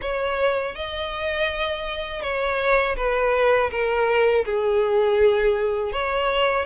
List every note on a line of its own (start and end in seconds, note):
0.01 0.75 C#5
0.75 2.22 D#5
2.22 2.96 C#5
2.96 3.70 B4
3.70 4.44 A#4
4.45 5.92 G#4
5.92 6.65 C#5